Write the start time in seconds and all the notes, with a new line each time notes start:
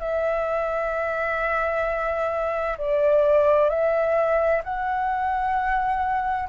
0.00 E5
2.78 D5
3.70 E5
4.64 F#5